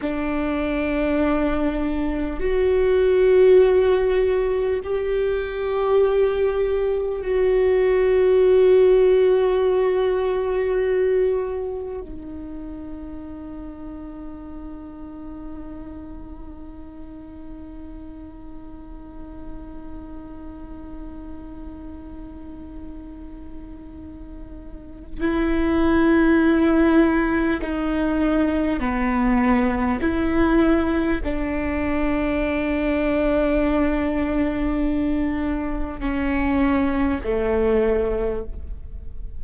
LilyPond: \new Staff \with { instrumentName = "viola" } { \time 4/4 \tempo 4 = 50 d'2 fis'2 | g'2 fis'2~ | fis'2 dis'2~ | dis'1~ |
dis'1~ | dis'4 e'2 dis'4 | b4 e'4 d'2~ | d'2 cis'4 a4 | }